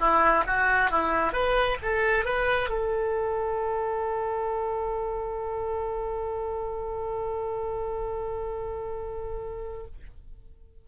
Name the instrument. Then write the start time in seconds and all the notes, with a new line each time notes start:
oboe
0.00 E4
0.47 F#4
0.91 E4
1.33 B4
1.83 A4
2.26 B4
2.70 A4